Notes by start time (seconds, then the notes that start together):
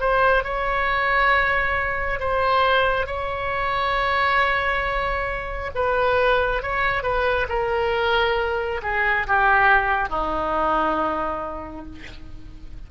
0.00 C5
0.44 C#5
2.20 C5
3.06 C#5
5.75 B4
6.63 C#5
7.03 B4
7.49 A#4
8.83 G#4
9.27 G4
10.09 D#4